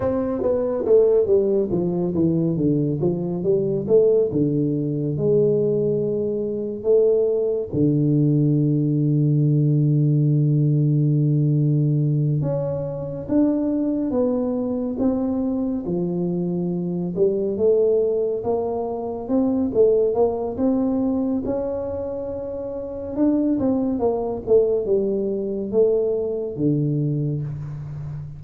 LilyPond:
\new Staff \with { instrumentName = "tuba" } { \time 4/4 \tempo 4 = 70 c'8 b8 a8 g8 f8 e8 d8 f8 | g8 a8 d4 gis2 | a4 d2.~ | d2~ d8 cis'4 d'8~ |
d'8 b4 c'4 f4. | g8 a4 ais4 c'8 a8 ais8 | c'4 cis'2 d'8 c'8 | ais8 a8 g4 a4 d4 | }